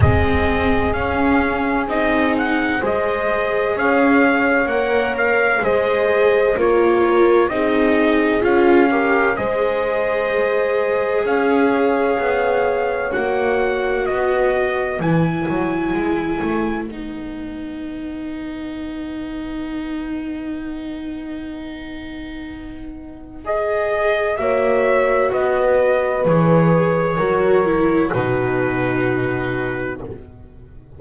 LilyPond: <<
  \new Staff \with { instrumentName = "trumpet" } { \time 4/4 \tempo 4 = 64 dis''4 f''4 dis''8 fis''8 dis''4 | f''4 fis''8 f''8 dis''4 cis''4 | dis''4 f''4 dis''2 | f''2 fis''4 dis''4 |
gis''2 fis''2~ | fis''1~ | fis''4 dis''4 e''4 dis''4 | cis''2 b'2 | }
  \new Staff \with { instrumentName = "horn" } { \time 4/4 gis'2. c''4 | cis''2 c''4 ais'4 | gis'4. ais'8 c''2 | cis''2. b'4~ |
b'1~ | b'1~ | b'2 cis''4 b'4~ | b'4 ais'4 fis'2 | }
  \new Staff \with { instrumentName = "viola" } { \time 4/4 c'4 cis'4 dis'4 gis'4~ | gis'4 ais'4 gis'4 f'4 | dis'4 f'8 g'8 gis'2~ | gis'2 fis'2 |
e'2 dis'2~ | dis'1~ | dis'4 gis'4 fis'2 | gis'4 fis'8 e'8 dis'2 | }
  \new Staff \with { instrumentName = "double bass" } { \time 4/4 gis4 cis'4 c'4 gis4 | cis'4 ais4 gis4 ais4 | c'4 cis'4 gis2 | cis'4 b4 ais4 b4 |
e8 fis8 gis8 a8 b2~ | b1~ | b2 ais4 b4 | e4 fis4 b,2 | }
>>